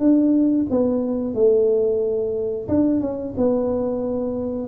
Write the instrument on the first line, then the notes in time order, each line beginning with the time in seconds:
tuba
0.00 D4
0.70 B3
1.35 A3
2.68 D4
3.01 C#4
3.37 B3